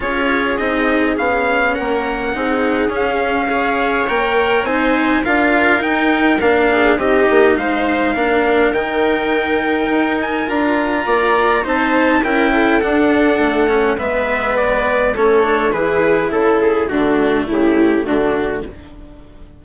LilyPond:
<<
  \new Staff \with { instrumentName = "trumpet" } { \time 4/4 \tempo 4 = 103 cis''4 dis''4 f''4 fis''4~ | fis''4 f''2 g''4 | gis''4 f''4 g''4 f''4 | dis''4 f''2 g''4~ |
g''4. gis''8 ais''2 | a''4 g''4 fis''2 | e''4 d''4 cis''4 b'4 | a'8 gis'8 fis'4 g'4 fis'4 | }
  \new Staff \with { instrumentName = "viola" } { \time 4/4 gis'2. ais'4 | gis'2 cis''2 | c''4 ais'2~ ais'8 gis'8 | g'4 c''4 ais'2~ |
ais'2. d''4 | c''4 ais'8 a'2~ a'8 | b'2 a'4 gis'4 | a'4 d'4 e'4 d'4 | }
  \new Staff \with { instrumentName = "cello" } { \time 4/4 f'4 dis'4 cis'2 | dis'4 cis'4 gis'4 ais'4 | dis'4 f'4 dis'4 d'4 | dis'2 d'4 dis'4~ |
dis'2 f'2 | dis'4 e'4 d'4. cis'8 | b2 cis'8 d'8 e'4~ | e'4 a2. | }
  \new Staff \with { instrumentName = "bassoon" } { \time 4/4 cis'4 c'4 b4 ais4 | c'4 cis'2 ais4 | c'4 d'4 dis'4 ais4 | c'8 ais8 gis4 ais4 dis4~ |
dis4 dis'4 d'4 ais4 | c'4 cis'4 d'4 a4 | gis2 a4 e4 | cis4 d4 cis4 d4 | }
>>